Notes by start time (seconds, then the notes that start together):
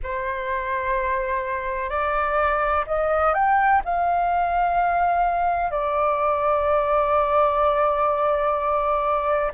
0.03 C5
1.89 D5
2.87 D#5
3.33 G5
3.84 F5
5.70 D5